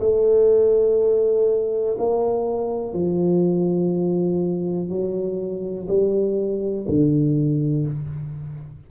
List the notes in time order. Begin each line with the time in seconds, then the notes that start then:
0.00 A3
1.99 A#3
2.94 F3
4.90 F#3
5.88 G3
6.89 D3